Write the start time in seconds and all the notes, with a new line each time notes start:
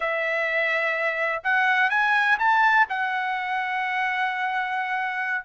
0.00 E5
1.43 F#5
1.90 G#5
2.39 A5
2.89 F#5